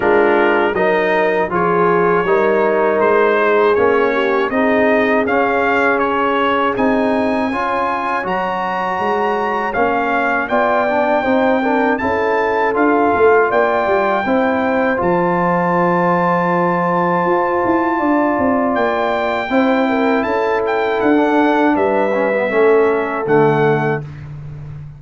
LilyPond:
<<
  \new Staff \with { instrumentName = "trumpet" } { \time 4/4 \tempo 4 = 80 ais'4 dis''4 cis''2 | c''4 cis''4 dis''4 f''4 | cis''4 gis''2 ais''4~ | ais''4 f''4 g''2 |
a''4 f''4 g''2 | a''1~ | a''4 g''2 a''8 g''8 | fis''4 e''2 fis''4 | }
  \new Staff \with { instrumentName = "horn" } { \time 4/4 f'4 ais'4 gis'4 ais'4~ | ais'8 gis'4 g'8 gis'2~ | gis'2 cis''2~ | cis''2 d''4 c''8 ais'8 |
a'2 d''4 c''4~ | c''1 | d''2 c''8 ais'8 a'4~ | a'4 b'4 a'2 | }
  \new Staff \with { instrumentName = "trombone" } { \time 4/4 d'4 dis'4 f'4 dis'4~ | dis'4 cis'4 dis'4 cis'4~ | cis'4 dis'4 f'4 fis'4~ | fis'4 cis'4 f'8 d'8 dis'8 d'8 |
e'4 f'2 e'4 | f'1~ | f'2 e'2~ | e'16 d'4~ d'16 cis'16 b16 cis'4 a4 | }
  \new Staff \with { instrumentName = "tuba" } { \time 4/4 gis4 fis4 f4 g4 | gis4 ais4 c'4 cis'4~ | cis'4 c'4 cis'4 fis4 | gis4 ais4 b4 c'4 |
cis'4 d'8 a8 ais8 g8 c'4 | f2. f'8 e'8 | d'8 c'8 ais4 c'4 cis'4 | d'4 g4 a4 d4 | }
>>